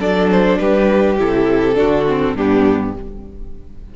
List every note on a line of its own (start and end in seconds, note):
0.00 0.59 F#3
0.00 1.18 D4
0.00 0.59 A4
0.00 0.30 D5
0.30 0.59 C5
0.59 1.19 G3
0.59 1.77 G4
0.59 1.18 B4
1.19 1.78 C3
1.19 1.75 E4
1.19 2.37 A4
1.75 2.34 D3
1.75 2.04 D4
1.75 2.35 F#4
2.08 2.37 C4
2.34 2.93 G2
2.34 2.96 B3
2.34 2.94 D4
2.34 2.95 G4